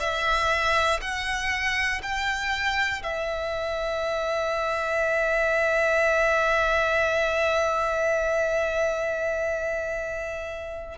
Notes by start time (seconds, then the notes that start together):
0.00 E5
1.01 F#5
2.03 G5
3.03 E5